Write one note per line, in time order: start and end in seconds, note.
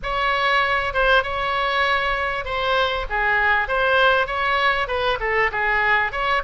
0.03 0.93 C#5
0.93 1.23 C5
1.23 2.45 C#5
2.45 3.06 C5
3.09 3.68 G#4
3.68 4.27 C5
4.27 4.87 C#5
4.87 5.18 B4
5.20 5.50 A4
5.51 6.12 G#4
6.12 6.42 C#5